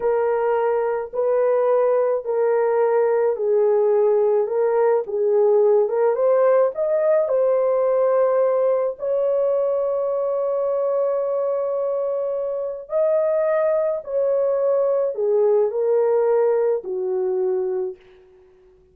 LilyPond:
\new Staff \with { instrumentName = "horn" } { \time 4/4 \tempo 4 = 107 ais'2 b'2 | ais'2 gis'2 | ais'4 gis'4. ais'8 c''4 | dis''4 c''2. |
cis''1~ | cis''2. dis''4~ | dis''4 cis''2 gis'4 | ais'2 fis'2 | }